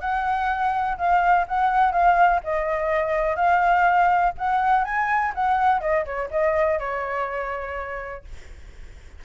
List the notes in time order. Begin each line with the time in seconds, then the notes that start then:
0.00 F#5
0.97 F5
1.47 F#5
1.91 F5
2.43 D#5
3.36 F5
4.37 F#5
4.84 G#5
5.34 F#5
5.80 D#5
6.05 C#5
6.30 D#5
6.79 C#5